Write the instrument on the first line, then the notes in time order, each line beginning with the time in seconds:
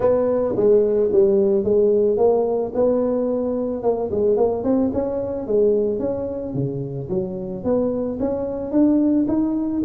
tuba
0.00 B3
0.56 G#3
1.12 G3
1.63 G#3
2.17 A#3
2.74 B3
3.82 A#3
4.11 G#3
4.36 A#3
4.63 C4
4.93 C#4
5.47 G#3
5.99 C#4
6.54 C#3
7.09 F#3
7.64 B3
8.19 C#4
8.71 D4
9.28 D#4